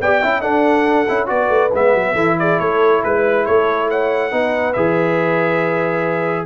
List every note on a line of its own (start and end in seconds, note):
0.00 0.22 B3
0.00 0.23 G4
0.00 0.22 D5
0.00 0.41 G5
0.22 0.42 C#4
0.22 0.41 E4
0.22 0.41 E5
0.41 1.06 D4
0.41 1.07 D4
0.41 1.28 A4
0.41 1.27 F#5
1.08 1.29 C#4
1.08 1.26 E4
1.26 1.49 B3
1.26 1.69 F#4
1.26 2.13 B4
1.26 1.71 D5
1.49 1.70 A3
1.73 1.94 G#3
1.73 2.16 B3
1.73 2.39 E5
1.94 2.14 F#3
2.13 2.57 E3
2.13 4.31 E4
2.13 2.35 A4
2.39 2.58 G#4
2.39 2.59 D5
2.58 3.03 A3
2.58 3.02 A4
2.58 3.02 C#5
3.03 3.47 G#3
3.03 3.46 B4
3.03 3.47 B4
3.46 4.32 A3
3.46 3.88 A4
3.46 3.89 C#5
3.88 4.31 C#5
3.88 4.73 F#5
4.31 4.75 B3
4.31 4.74 D#4
4.31 6.46 B4
4.73 6.46 E3
4.73 6.46 G#4
4.73 6.45 E5